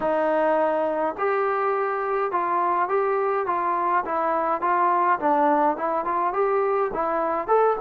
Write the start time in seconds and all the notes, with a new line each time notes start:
0.00 D#4
1.18 G4
2.31 F4
2.88 G4
3.46 F4
4.05 E4
4.61 F4
5.19 D4
5.76 E4
6.04 F4
6.33 G4
6.93 E4
7.47 A4